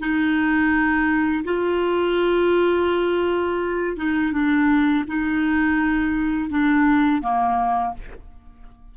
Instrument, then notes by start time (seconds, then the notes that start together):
clarinet
0.00 D#4
1.45 F4
3.97 D#4
4.33 D4
5.08 D#4
6.51 D4
7.22 A#3